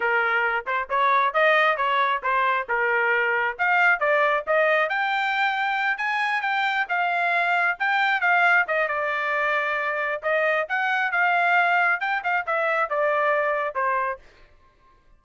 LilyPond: \new Staff \with { instrumentName = "trumpet" } { \time 4/4 \tempo 4 = 135 ais'4. c''8 cis''4 dis''4 | cis''4 c''4 ais'2 | f''4 d''4 dis''4 g''4~ | g''4. gis''4 g''4 f''8~ |
f''4. g''4 f''4 dis''8 | d''2. dis''4 | fis''4 f''2 g''8 f''8 | e''4 d''2 c''4 | }